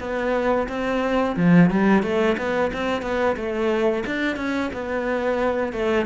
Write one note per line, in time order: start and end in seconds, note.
0.00 0.67 B3
0.68 1.36 C4
1.36 1.70 F3
1.70 2.03 G3
2.03 2.36 A3
2.37 2.71 B3
2.73 3.02 C4
3.02 3.36 B3
3.36 4.04 A3
4.06 4.36 D4
4.36 4.70 C#4
4.73 5.73 B3
5.73 6.06 A3